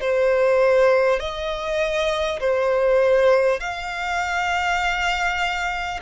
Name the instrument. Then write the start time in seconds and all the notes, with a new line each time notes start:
violin
0.00 C5
1.19 D#5
2.39 C5
3.60 F5